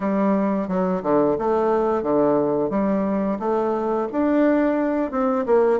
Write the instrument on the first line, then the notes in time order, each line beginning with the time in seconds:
bassoon
0.00 G3
0.68 F#3
1.03 D3
1.38 A3
2.03 D3
2.70 G3
3.39 A3
4.12 D4
5.11 C4
5.46 A#3